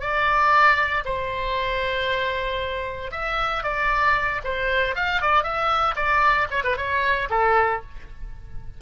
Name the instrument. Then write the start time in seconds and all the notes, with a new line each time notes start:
oboe
0.00 D5
1.05 C5
3.11 E5
3.63 D5
4.44 C5
4.95 F5
5.21 D5
5.43 E5
5.95 D5
6.50 C#5
6.63 B4
6.77 C#5
7.29 A4